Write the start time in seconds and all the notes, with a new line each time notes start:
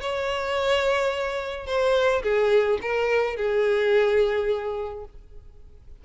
0.00 C#5
1.66 C5
2.23 G#4
2.81 A#4
3.36 G#4